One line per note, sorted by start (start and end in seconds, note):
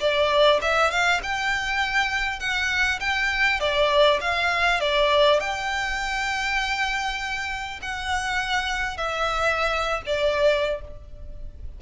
0.00 0.60 D5
0.62 0.91 E5
0.91 1.21 F5
1.23 2.40 G5
2.40 3.00 F#5
3.00 3.60 G5
3.60 4.20 D5
4.21 4.81 F5
4.81 5.40 D5
5.40 7.80 G5
7.82 8.97 F#5
8.97 10.02 E5
10.06 10.81 D5